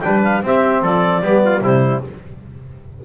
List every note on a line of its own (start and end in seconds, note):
0.00 0.42 G3
0.00 0.43 D4
0.00 0.45 B4
0.00 0.20 G5
0.24 0.44 F5
0.42 0.82 C4
0.42 1.23 C4
0.42 0.83 G4
0.42 0.84 E5
0.82 1.22 F3
0.82 1.23 A4
0.82 1.64 D5
1.22 1.61 G3
1.22 1.62 B3
1.22 1.43 G4
1.46 1.64 F4
1.61 2.01 C3
1.61 2.02 G3
1.61 2.04 E4
1.61 2.05 C5